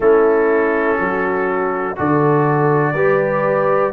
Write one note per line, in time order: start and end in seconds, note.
0.00 0.97 A3
0.00 1.95 C#4
0.00 0.97 E4
0.00 1.97 A4
0.97 1.97 F#3
0.97 1.96 F#4
1.95 2.94 D3
1.95 2.94 F#4
1.95 2.93 A4
1.95 3.93 D5
2.93 3.92 G3
2.93 3.93 G4
2.93 3.92 B4